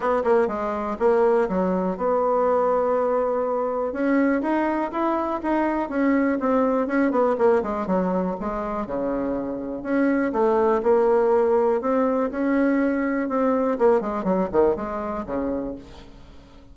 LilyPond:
\new Staff \with { instrumentName = "bassoon" } { \time 4/4 \tempo 4 = 122 b8 ais8 gis4 ais4 fis4 | b1 | cis'4 dis'4 e'4 dis'4 | cis'4 c'4 cis'8 b8 ais8 gis8 |
fis4 gis4 cis2 | cis'4 a4 ais2 | c'4 cis'2 c'4 | ais8 gis8 fis8 dis8 gis4 cis4 | }